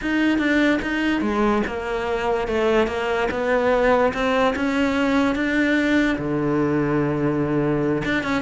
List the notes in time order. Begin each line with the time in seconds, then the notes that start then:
0.01 D#4
0.38 D4
0.81 D#4
1.21 G#3
1.66 A#3
2.47 A3
2.87 A#3
3.30 B3
4.13 C4
4.55 C#4
5.35 D4
6.18 D3
8.05 D4
8.23 C#4